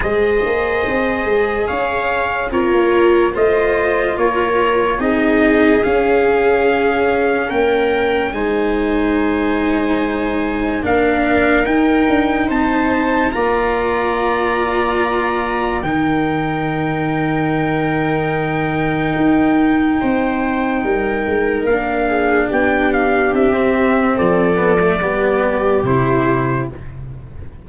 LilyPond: <<
  \new Staff \with { instrumentName = "trumpet" } { \time 4/4 \tempo 4 = 72 dis''2 f''4 cis''4 | dis''4 cis''4 dis''4 f''4~ | f''4 g''4 gis''2~ | gis''4 f''4 g''4 a''4 |
ais''2. g''4~ | g''1~ | g''2 f''4 g''8 f''8 | e''4 d''2 c''4 | }
  \new Staff \with { instrumentName = "viola" } { \time 4/4 c''2 cis''4 f'4 | c''4 ais'4 gis'2~ | gis'4 ais'4 c''2~ | c''4 ais'2 c''4 |
d''2. ais'4~ | ais'1 | c''4 ais'4. gis'8 g'4~ | g'4 a'4 g'2 | }
  \new Staff \with { instrumentName = "cello" } { \time 4/4 gis'2. ais'4 | f'2 dis'4 cis'4~ | cis'2 dis'2~ | dis'4 d'4 dis'2 |
f'2. dis'4~ | dis'1~ | dis'2 d'2~ | d'16 c'4~ c'16 b16 a16 b4 e'4 | }
  \new Staff \with { instrumentName = "tuba" } { \time 4/4 gis8 ais8 c'8 gis8 cis'4 c'16 ais8. | a4 ais4 c'4 cis'4~ | cis'4 ais4 gis2~ | gis4 ais4 dis'8 d'8 c'4 |
ais2. dis4~ | dis2. dis'4 | c'4 g8 gis8 ais4 b4 | c'4 f4 g4 c4 | }
>>